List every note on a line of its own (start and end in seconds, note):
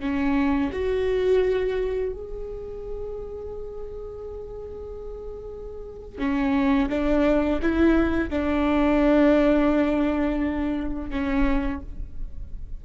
0.00 0.71 C#4
0.72 2.12 F#4
2.12 6.18 G#4
6.18 6.89 C#4
6.89 7.60 D4
7.62 8.29 E4
8.29 11.10 D4
11.10 11.80 C#4